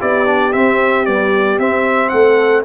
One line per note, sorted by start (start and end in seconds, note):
0.00 0.55 B3
0.00 0.26 E4
0.00 2.12 G4
0.00 0.53 D5
0.26 0.53 D4
0.53 1.07 C4
0.53 1.06 E5
1.06 1.60 G3
1.06 1.59 B3
1.06 1.59 D5
1.59 2.12 C4
1.59 2.65 C4
1.59 2.09 E5
2.09 2.65 A3
2.09 2.65 A4
2.09 2.62 F#5